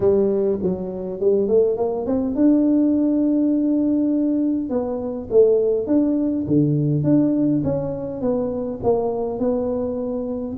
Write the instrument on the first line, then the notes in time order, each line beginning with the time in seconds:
tuba
0.00 G3
0.62 F#3
1.20 G3
1.48 A3
1.76 A#3
2.06 C4
2.35 D4
4.69 B3
5.30 A3
5.87 D4
6.47 D3
7.03 D4
7.63 C#4
8.21 B3
8.83 A#3
9.39 B3